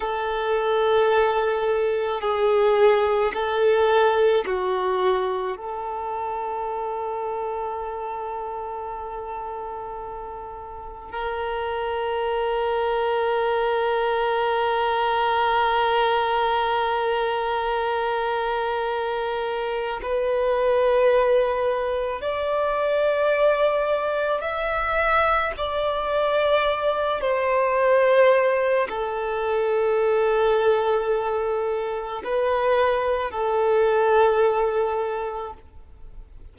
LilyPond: \new Staff \with { instrumentName = "violin" } { \time 4/4 \tempo 4 = 54 a'2 gis'4 a'4 | fis'4 a'2.~ | a'2 ais'2~ | ais'1~ |
ais'2 b'2 | d''2 e''4 d''4~ | d''8 c''4. a'2~ | a'4 b'4 a'2 | }